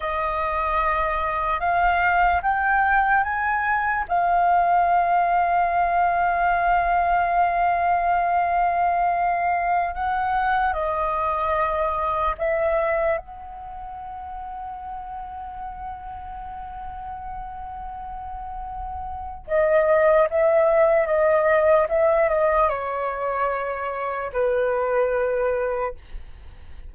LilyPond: \new Staff \with { instrumentName = "flute" } { \time 4/4 \tempo 4 = 74 dis''2 f''4 g''4 | gis''4 f''2.~ | f''1~ | f''16 fis''4 dis''2 e''8.~ |
e''16 fis''2.~ fis''8.~ | fis''1 | dis''4 e''4 dis''4 e''8 dis''8 | cis''2 b'2 | }